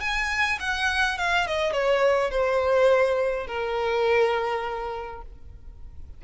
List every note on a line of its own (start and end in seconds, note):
0.00 0.58 G#5
0.59 1.18 F#5
1.18 1.47 F5
1.47 1.72 D#5
1.72 2.30 C#5
2.30 3.47 C5
3.47 5.21 A#4